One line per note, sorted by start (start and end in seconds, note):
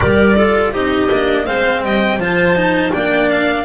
0.00 0.72 G3
0.00 0.36 G4
0.00 0.36 A#4
0.00 0.73 D5
0.36 0.73 F4
0.36 0.72 A4
0.72 1.09 C4
0.72 1.09 D#4
0.72 1.45 G4
0.72 1.46 D#5
1.11 1.47 A#3
1.11 1.46 D4
1.46 1.83 G#3
1.46 2.19 C4
1.46 1.82 C5
1.46 1.82 F5
1.83 2.17 G3
1.83 2.20 D#5
1.83 2.21 G5
2.17 2.90 F3
2.17 2.55 F4
2.17 2.94 C5
2.17 2.93 A5
2.55 2.92 D#4
2.92 3.64 A#3
2.92 3.64 D4
2.92 3.64 D5
2.92 3.29 G5
3.29 3.64 F5